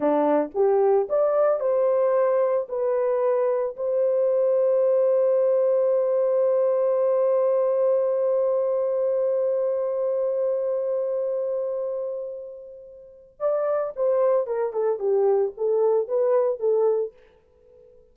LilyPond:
\new Staff \with { instrumentName = "horn" } { \time 4/4 \tempo 4 = 112 d'4 g'4 d''4 c''4~ | c''4 b'2 c''4~ | c''1~ | c''1~ |
c''1~ | c''1~ | c''4 d''4 c''4 ais'8 a'8 | g'4 a'4 b'4 a'4 | }